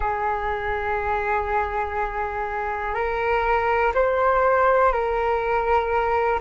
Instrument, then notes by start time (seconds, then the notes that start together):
flute
0.00 G#4
2.94 A#4
3.94 C5
4.92 A#4